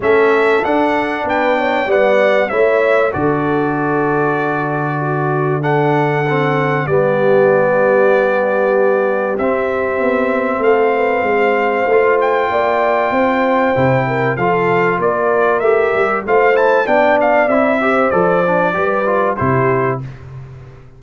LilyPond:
<<
  \new Staff \with { instrumentName = "trumpet" } { \time 4/4 \tempo 4 = 96 e''4 fis''4 g''4 fis''4 | e''4 d''2.~ | d''4 fis''2 d''4~ | d''2. e''4~ |
e''4 f''2~ f''8 g''8~ | g''2. f''4 | d''4 e''4 f''8 a''8 g''8 f''8 | e''4 d''2 c''4 | }
  \new Staff \with { instrumentName = "horn" } { \time 4/4 a'2 b'8 cis''8 d''4 | cis''4 a'2. | fis'4 a'2 g'4~ | g'1~ |
g'4 a'8 b'8 c''2 | d''4 c''4. ais'8 a'4 | ais'2 c''4 d''4~ | d''8 c''4. b'4 g'4 | }
  \new Staff \with { instrumentName = "trombone" } { \time 4/4 cis'4 d'2 b4 | e'4 fis'2.~ | fis'4 d'4 c'4 b4~ | b2. c'4~ |
c'2. f'4~ | f'2 e'4 f'4~ | f'4 g'4 f'8 e'8 d'4 | e'8 g'8 a'8 d'8 g'8 f'8 e'4 | }
  \new Staff \with { instrumentName = "tuba" } { \time 4/4 a4 d'4 b4 g4 | a4 d2.~ | d2. g4~ | g2. c'4 |
b4 a4 gis4 a4 | ais4 c'4 c4 f4 | ais4 a8 g8 a4 b4 | c'4 f4 g4 c4 | }
>>